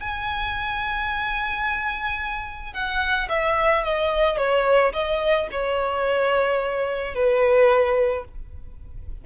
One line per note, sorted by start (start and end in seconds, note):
0.00 2.73 G#5
2.73 3.28 F#5
3.29 3.84 E5
3.84 4.37 D#5
4.37 4.92 C#5
4.93 5.48 D#5
5.51 7.15 C#5
7.15 8.25 B4